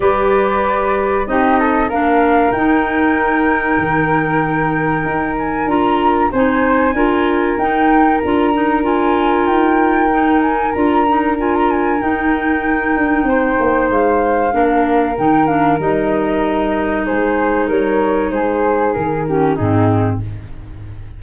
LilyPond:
<<
  \new Staff \with { instrumentName = "flute" } { \time 4/4 \tempo 4 = 95 d''2 dis''4 f''4 | g''1~ | g''8 gis''8 ais''4 gis''2 | g''4 ais''4 gis''4 g''4~ |
g''8 gis''8 ais''4 gis''16 ais''16 gis''8 g''4~ | g''2 f''2 | g''8 f''8 dis''2 c''4 | cis''4 c''4 ais'4 gis'4 | }
  \new Staff \with { instrumentName = "flute" } { \time 4/4 b'2 g'8 a'8 ais'4~ | ais'1~ | ais'2 c''4 ais'4~ | ais'1~ |
ais'1~ | ais'4 c''2 ais'4~ | ais'2. gis'4 | ais'4 gis'4. g'8 dis'4 | }
  \new Staff \with { instrumentName = "clarinet" } { \time 4/4 g'2 dis'4 d'4 | dis'1~ | dis'4 f'4 dis'4 f'4 | dis'4 f'8 dis'8 f'2 |
dis'4 f'8 dis'8 f'4 dis'4~ | dis'2. d'4 | dis'8 d'8 dis'2.~ | dis'2~ dis'8 cis'8 c'4 | }
  \new Staff \with { instrumentName = "tuba" } { \time 4/4 g2 c'4 ais4 | dis'2 dis2 | dis'4 d'4 c'4 d'4 | dis'4 d'2 dis'4~ |
dis'4 d'2 dis'4~ | dis'8 d'8 c'8 ais8 gis4 ais4 | dis4 g2 gis4 | g4 gis4 dis4 gis,4 | }
>>